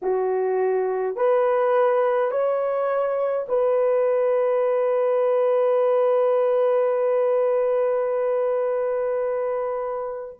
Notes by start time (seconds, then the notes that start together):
0.02 F#4
1.15 B4
2.31 C#5
3.48 B4